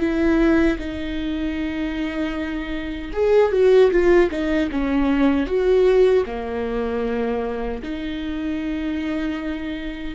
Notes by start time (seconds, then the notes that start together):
0.00 E4
0.79 D#4
3.13 G#4
3.52 F#4
3.91 F4
4.31 D#4
4.71 C#4
5.47 F#4
6.26 A#3
7.83 D#4